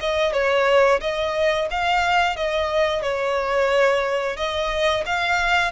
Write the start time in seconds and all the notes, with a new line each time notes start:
0.00 D#5
0.32 C#5
1.00 D#5
1.70 F5
2.36 D#5
3.02 C#5
4.36 D#5
5.05 F5